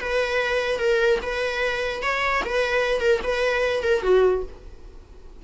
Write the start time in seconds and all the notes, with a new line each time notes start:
0.00 B4
0.79 A#4
1.22 B4
2.02 C#5
2.44 B4
3.00 A#4
3.23 B4
3.82 A#4
4.02 F#4